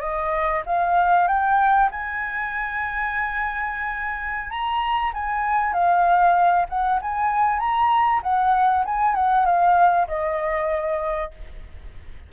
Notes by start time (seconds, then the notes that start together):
0.00 D#5
0.66 F5
1.27 G5
1.91 G#5
4.50 A#5
5.13 G#5
5.73 F5
6.69 F#5
7.01 G#5
7.59 A#5
8.22 F#5
8.85 G#5
9.14 F#5
9.45 F5
10.07 D#5